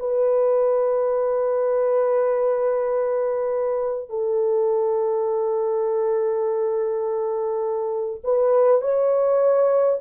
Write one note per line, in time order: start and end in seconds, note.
0.00 4.10 B4
4.10 8.21 A4
8.24 8.82 B4
8.82 9.99 C#5